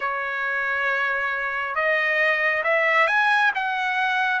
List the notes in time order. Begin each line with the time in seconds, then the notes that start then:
0.00 C#5
1.74 D#5
2.63 E5
3.07 G#5
3.55 F#5